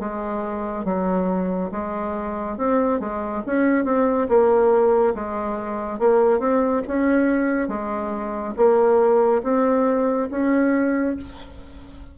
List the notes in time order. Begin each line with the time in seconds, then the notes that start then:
0.00 G#3
0.85 F#3
1.72 G#3
2.58 C4
3.00 G#3
3.47 C#4
3.85 C4
4.29 A#3
5.15 G#3
5.99 A#3
6.40 C4
6.88 C#4
7.69 G#3
8.57 A#3
9.44 C4
10.31 C#4